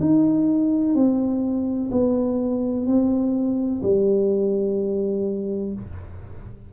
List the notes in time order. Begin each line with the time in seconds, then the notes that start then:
0.00 D#4
0.94 C4
1.91 B3
2.86 C4
3.82 G3